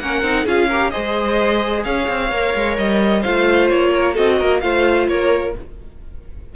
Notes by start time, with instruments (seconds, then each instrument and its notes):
0.00 cello A#3, viola C#4, violin A#4 F#5
0.23 cello C4, viola D#4
0.45 cello C#4, viola F4, violin G#4 F5
0.68 viola G4, violin A#4
0.91 cello G#3, viola G#4, violin C5 D#5
1.84 cello C#4, violin C#5 F5
2.09 cello C4
2.31 cello A#3, viola A#4
2.55 cello G#3
2.78 cello G3, violin D#5
3.21 cello A3, viola F4, violin C5 F5
3.70 cello A#3, violin C#5
3.94 violin A#4
4.13 cello C4, viola F#4, violin A4 D#5
4.39 cello A#3, violin A#4
4.60 cello A3, viola F4, violin C5 F5
5.08 cello A#3, violin A#4 C#5